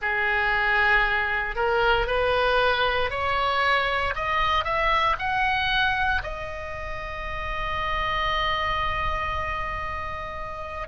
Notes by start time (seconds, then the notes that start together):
0.01 G#4
1.55 A#4
2.06 B4
3.10 C#5
4.15 D#5
4.64 E5
5.18 F#5
6.23 D#5